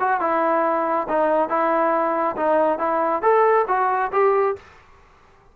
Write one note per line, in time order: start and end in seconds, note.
0.00 0.21 F#4
0.21 1.08 E4
1.09 1.49 D#4
1.49 2.36 E4
2.37 2.79 D#4
2.79 3.22 E4
3.22 3.66 A4
3.68 4.11 F#4
4.12 4.56 G4